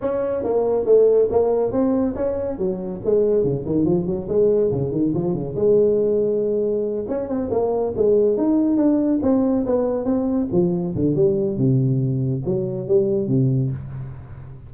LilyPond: \new Staff \with { instrumentName = "tuba" } { \time 4/4 \tempo 4 = 140 cis'4 ais4 a4 ais4 | c'4 cis'4 fis4 gis4 | cis8 dis8 f8 fis8 gis4 cis8 dis8 | f8 cis8 gis2.~ |
gis8 cis'8 c'8 ais4 gis4 dis'8~ | dis'8 d'4 c'4 b4 c'8~ | c'8 f4 d8 g4 c4~ | c4 fis4 g4 c4 | }